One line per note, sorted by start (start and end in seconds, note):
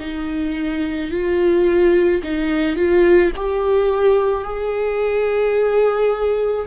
0.00 1.11 D#4
1.11 2.22 F4
2.23 2.76 D#4
2.76 3.31 F4
3.36 4.44 G4
4.44 6.67 G#4